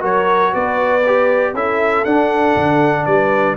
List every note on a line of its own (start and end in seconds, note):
0.00 0.53 F#3
0.00 1.01 F#4
0.00 0.52 A#4
0.00 0.54 C#5
0.52 1.53 B3
0.52 1.53 B4
0.52 1.55 D5
1.06 1.55 G4
1.53 2.04 C#4
1.53 2.06 E4
1.53 3.05 A4
1.53 2.04 E5
2.04 2.56 D4
2.04 3.57 D4
2.04 3.05 F#5
2.56 3.06 D3
3.05 3.57 G3
3.05 3.56 B4
3.05 3.55 D5